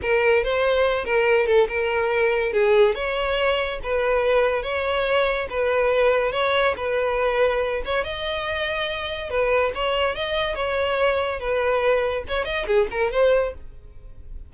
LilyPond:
\new Staff \with { instrumentName = "violin" } { \time 4/4 \tempo 4 = 142 ais'4 c''4. ais'4 a'8 | ais'2 gis'4 cis''4~ | cis''4 b'2 cis''4~ | cis''4 b'2 cis''4 |
b'2~ b'8 cis''8 dis''4~ | dis''2 b'4 cis''4 | dis''4 cis''2 b'4~ | b'4 cis''8 dis''8 gis'8 ais'8 c''4 | }